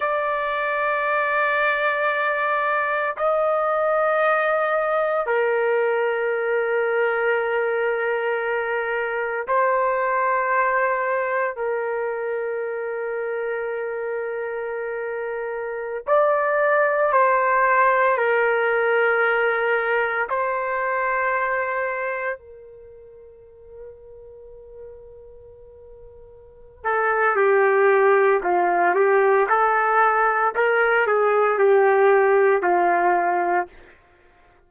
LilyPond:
\new Staff \with { instrumentName = "trumpet" } { \time 4/4 \tempo 4 = 57 d''2. dis''4~ | dis''4 ais'2.~ | ais'4 c''2 ais'4~ | ais'2.~ ais'16 d''8.~ |
d''16 c''4 ais'2 c''8.~ | c''4~ c''16 ais'2~ ais'8.~ | ais'4. a'8 g'4 f'8 g'8 | a'4 ais'8 gis'8 g'4 f'4 | }